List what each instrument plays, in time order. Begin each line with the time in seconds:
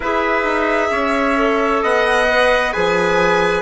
0.00 bassoon E4, clarinet G#4, trumpet B4, violin E5
0.44 bassoon D#4
0.90 bassoon C#4, trumpet C#5
1.36 clarinet A4
1.82 bassoon B3, trumpet D#5, violin F#5
2.28 clarinet B4
2.73 bassoon F3, clarinet G#4, trumpet B4, violin G#5